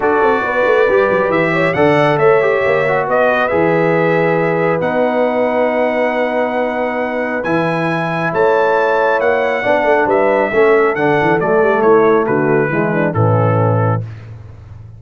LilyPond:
<<
  \new Staff \with { instrumentName = "trumpet" } { \time 4/4 \tempo 4 = 137 d''2. e''4 | fis''4 e''2 dis''4 | e''2. fis''4~ | fis''1~ |
fis''4 gis''2 a''4~ | a''4 fis''2 e''4~ | e''4 fis''4 d''4 cis''4 | b'2 a'2 | }
  \new Staff \with { instrumentName = "horn" } { \time 4/4 a'4 b'2~ b'8 cis''8 | d''4 cis''2 b'4~ | b'1~ | b'1~ |
b'2. cis''4~ | cis''2 d''4 b'4 | a'2. e'4 | fis'4 e'8 d'8 cis'2 | }
  \new Staff \with { instrumentName = "trombone" } { \time 4/4 fis'2 g'2 | a'4. g'4 fis'4. | gis'2. dis'4~ | dis'1~ |
dis'4 e'2.~ | e'2 d'2 | cis'4 d'4 a2~ | a4 gis4 e2 | }
  \new Staff \with { instrumentName = "tuba" } { \time 4/4 d'8 c'8 b8 a8 g8 fis8 e4 | d4 a4 ais4 b4 | e2. b4~ | b1~ |
b4 e2 a4~ | a4 ais4 b8 a8 g4 | a4 d8 e8 fis8 g8 a4 | d4 e4 a,2 | }
>>